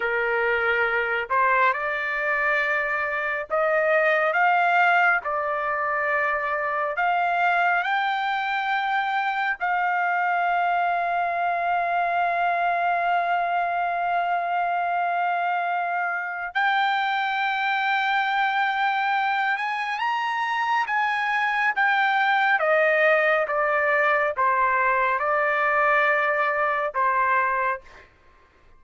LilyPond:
\new Staff \with { instrumentName = "trumpet" } { \time 4/4 \tempo 4 = 69 ais'4. c''8 d''2 | dis''4 f''4 d''2 | f''4 g''2 f''4~ | f''1~ |
f''2. g''4~ | g''2~ g''8 gis''8 ais''4 | gis''4 g''4 dis''4 d''4 | c''4 d''2 c''4 | }